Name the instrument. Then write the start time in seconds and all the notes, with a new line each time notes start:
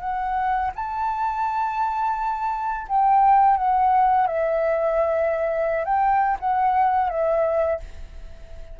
flute
0.00 F#5
0.75 A5
2.88 G5
3.57 F#5
4.27 E5
5.84 G5
6.39 F#5
7.09 E5